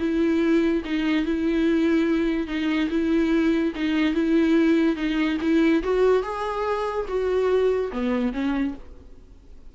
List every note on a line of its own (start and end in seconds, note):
0.00 0.83 E4
0.85 1.25 D#4
1.25 2.48 E4
2.48 2.89 D#4
2.90 3.74 E4
3.76 4.14 D#4
4.14 4.96 E4
4.96 5.38 D#4
5.41 5.83 E4
5.83 6.23 F#4
6.23 7.06 G#4
7.08 7.92 F#4
7.92 8.33 B3
8.33 8.75 C#4